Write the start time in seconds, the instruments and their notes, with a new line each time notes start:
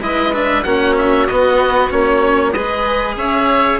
0.00 bassoon G#3, cello E4, violin B4, oboe D#5
0.34 cello D4, oboe E5
0.63 bassoon A#3, cello C#4, violin F#4, oboe F#5
0.98 oboe E5
1.27 bassoon B3, cello B3, oboe D#5
1.90 bassoon A#3, cello C#4, oboe C#5
2.52 bassoon G#3, cello G#4, violin B4, oboe D#5
3.16 bassoon C#4, violin C#5, oboe E5